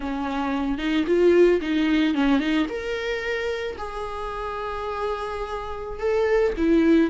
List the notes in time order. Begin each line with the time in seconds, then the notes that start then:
0.00 C#4
0.78 D#4
1.06 F4
1.61 D#4
2.14 C#4
2.39 D#4
2.69 A#4
3.77 G#4
5.99 A4
6.57 E4